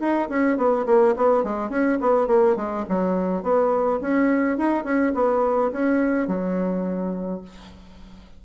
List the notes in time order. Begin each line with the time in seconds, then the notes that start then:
0.00 D#4
0.30 C#4
0.57 B3
0.86 A#3
1.17 B3
1.44 G#3
1.70 C#4
2.01 B3
2.28 A#3
2.56 G#3
2.89 F#3
3.43 B3
4.01 C#4
4.58 D#4
4.84 C#4
5.15 B3
5.72 C#4
6.28 F#3